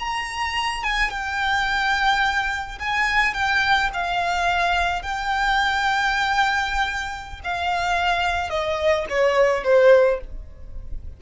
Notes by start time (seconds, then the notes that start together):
0.00 A#5
0.84 G#5
1.11 G5
2.79 G#5
3.34 G5
3.94 F5
5.02 G5
7.44 F5
8.50 D#5
9.10 C#5
9.64 C5